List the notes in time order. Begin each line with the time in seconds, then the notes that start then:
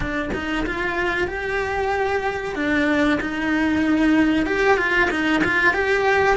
0.00 D4
0.33 D#4
0.66 F4
1.27 G4
2.55 D4
3.21 D#4
4.46 G4
4.77 F4
5.10 D#4
5.43 F4
5.73 G4